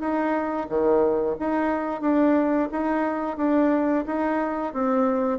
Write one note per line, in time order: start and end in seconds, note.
0.00 0.67 D#4
0.69 1.37 D#3
1.40 2.01 D#4
2.01 2.69 D4
2.72 3.37 D#4
3.37 4.05 D4
4.06 4.74 D#4
4.74 5.39 C4